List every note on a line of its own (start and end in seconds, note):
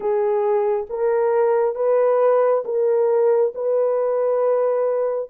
0.00 0.86 G#4
0.89 1.75 A#4
1.75 2.63 B4
2.65 3.53 A#4
3.55 5.29 B4